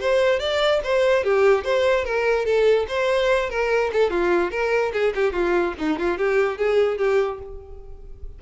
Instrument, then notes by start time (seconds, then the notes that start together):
violin
0.00 C5
0.39 D5
0.83 C5
1.24 G4
1.64 C5
2.05 A#4
2.45 A4
2.88 C5
3.50 A#4
3.93 A4
4.10 F4
4.51 A#4
4.93 G#4
5.15 G4
5.32 F4
5.78 D#4
5.99 F4
6.18 G4
6.58 G#4
6.98 G4